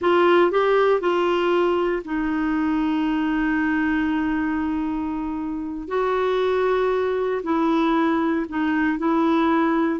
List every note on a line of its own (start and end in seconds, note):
0.01 0.51 F4
0.51 1.00 G4
1.00 2.03 F4
2.04 5.88 D#4
5.88 7.41 F#4
7.43 8.45 E4
8.48 8.98 D#4
8.98 10.00 E4